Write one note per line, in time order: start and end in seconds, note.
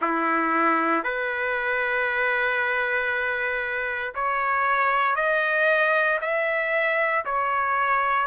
0.01 1.03 E4
1.03 4.14 B4
4.14 5.15 C#5
5.15 6.19 D#5
6.21 7.24 E5
7.25 8.27 C#5